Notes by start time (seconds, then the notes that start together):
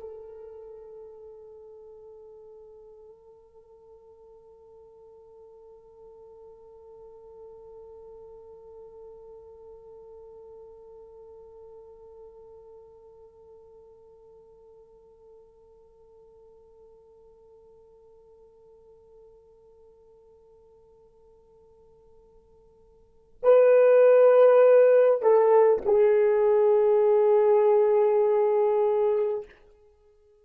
0.00 A4
23.43 B4
25.22 A4
25.85 G#4